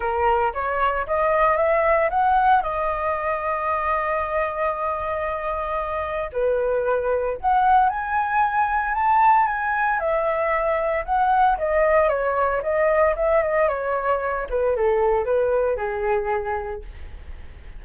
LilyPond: \new Staff \with { instrumentName = "flute" } { \time 4/4 \tempo 4 = 114 ais'4 cis''4 dis''4 e''4 | fis''4 dis''2.~ | dis''1 | b'2 fis''4 gis''4~ |
gis''4 a''4 gis''4 e''4~ | e''4 fis''4 dis''4 cis''4 | dis''4 e''8 dis''8 cis''4. b'8 | a'4 b'4 gis'2 | }